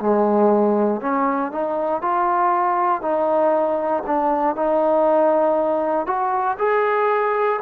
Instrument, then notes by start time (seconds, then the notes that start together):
trombone
0.00 G#3
1.01 C#4
1.52 D#4
2.02 F4
3.02 D#4
4.07 D4
4.56 D#4
6.06 F#4
6.59 G#4